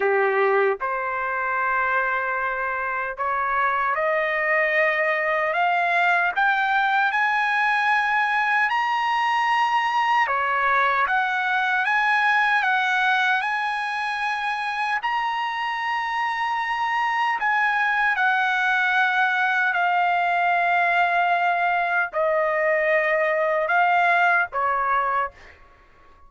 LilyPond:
\new Staff \with { instrumentName = "trumpet" } { \time 4/4 \tempo 4 = 76 g'4 c''2. | cis''4 dis''2 f''4 | g''4 gis''2 ais''4~ | ais''4 cis''4 fis''4 gis''4 |
fis''4 gis''2 ais''4~ | ais''2 gis''4 fis''4~ | fis''4 f''2. | dis''2 f''4 cis''4 | }